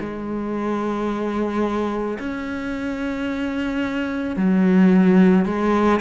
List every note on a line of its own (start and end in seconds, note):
0.00 2.18 G#3
2.19 4.36 C#4
4.36 5.45 F#3
5.45 6.00 G#3